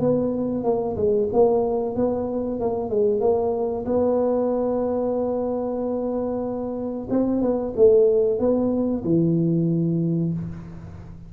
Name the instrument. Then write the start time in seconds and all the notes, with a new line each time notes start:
tuba
0.00 B3
0.64 A#3
0.96 G#3
1.33 A#3
1.95 B3
2.60 A#3
2.90 G#3
3.21 A#3
3.86 B3
7.10 C4
7.41 B3
7.76 A3
8.39 B3
9.04 E3